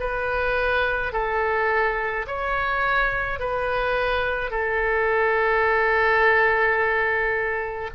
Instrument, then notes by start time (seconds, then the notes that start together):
oboe
0.00 B4
1.12 A4
2.27 C#5
3.40 B4
4.50 A4